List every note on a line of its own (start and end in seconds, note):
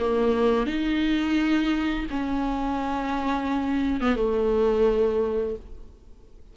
0.00 0.67 A#3
0.67 2.06 D#4
2.11 4.01 C#4
4.01 4.16 B3
4.16 5.56 A3